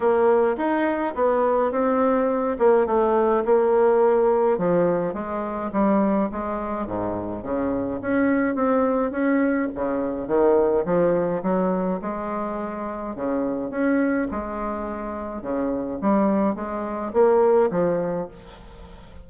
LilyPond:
\new Staff \with { instrumentName = "bassoon" } { \time 4/4 \tempo 4 = 105 ais4 dis'4 b4 c'4~ | c'8 ais8 a4 ais2 | f4 gis4 g4 gis4 | gis,4 cis4 cis'4 c'4 |
cis'4 cis4 dis4 f4 | fis4 gis2 cis4 | cis'4 gis2 cis4 | g4 gis4 ais4 f4 | }